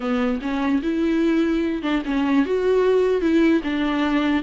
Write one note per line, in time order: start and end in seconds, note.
0.00 0.40 B3
0.41 0.81 C#4
0.82 1.82 E4
1.82 2.02 D4
2.05 2.45 C#4
2.45 3.21 F#4
3.21 3.61 E4
3.63 4.43 D4